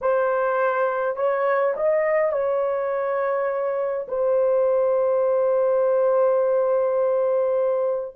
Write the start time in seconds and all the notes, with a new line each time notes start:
0.01 C5
1.16 C#5
1.76 D#5
2.32 C#5
4.08 C5